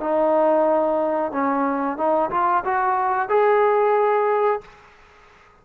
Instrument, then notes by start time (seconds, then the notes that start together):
trombone
0.00 D#4
1.32 C#4
1.97 D#4
2.31 F4
2.64 F#4
3.29 G#4